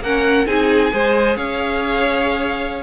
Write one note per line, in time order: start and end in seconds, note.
0.00 0.45 A#3
0.00 0.47 C#4
0.00 0.48 A#4
0.00 0.46 F#5
0.46 0.92 C4
0.46 0.91 D#4
0.46 0.93 G#4
0.46 1.36 G#5
0.91 1.36 G#3
0.91 2.83 G#4
0.91 1.37 C5
1.36 2.83 C#4
1.36 2.83 C#5
1.36 2.83 F5